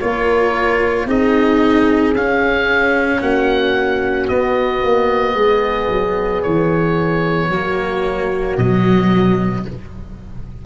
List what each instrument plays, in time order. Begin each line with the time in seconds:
0.00 tuba A#3, cello F4, horn A#4, oboe C#5
1.06 tuba C4, cello D#4, horn G#4, oboe D#5
2.14 tuba C#4, cello C#4, oboe F5
3.21 tuba A#3, horn F#4, oboe F#5
4.28 tuba B3, cello B3, oboe D#5
4.83 tuba A#3
5.34 tuba G#3, horn G#4
5.88 tuba F#3
6.42 tuba E3, oboe C#5
7.49 tuba F#3, cello A#3, horn F#4
8.57 tuba B2, cello F#3, oboe D#5